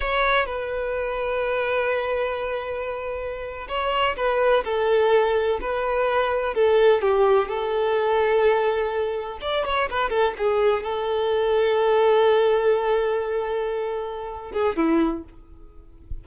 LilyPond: \new Staff \with { instrumentName = "violin" } { \time 4/4 \tempo 4 = 126 cis''4 b'2.~ | b'2.~ b'8. cis''16~ | cis''8. b'4 a'2 b'16~ | b'4.~ b'16 a'4 g'4 a'16~ |
a'2.~ a'8. d''16~ | d''16 cis''8 b'8 a'8 gis'4 a'4~ a'16~ | a'1~ | a'2~ a'8 gis'8 e'4 | }